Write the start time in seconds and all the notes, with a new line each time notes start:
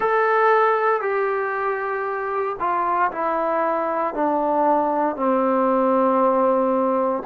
0.00 A4
1.01 G4
2.59 F4
3.11 E4
4.14 D4
5.15 C4